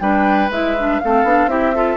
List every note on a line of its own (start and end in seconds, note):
0.00 0.50 G3
0.00 0.50 D4
0.00 1.01 B4
0.00 0.50 G5
0.50 0.99 G#3
0.50 0.77 E4
0.50 0.99 E5
0.77 1.02 D4
0.99 1.23 A3
0.99 1.26 C4
0.99 1.50 A4
0.99 1.48 F5
1.23 1.46 B3
1.23 1.48 D4
1.46 1.95 C4
1.46 1.73 E4
1.46 1.75 G4
1.46 1.97 E5
1.75 1.97 F4
1.75 1.97 A4